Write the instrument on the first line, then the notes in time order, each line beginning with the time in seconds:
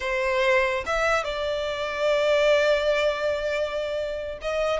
violin
0.00 C5
0.85 E5
1.23 D5
4.41 D#5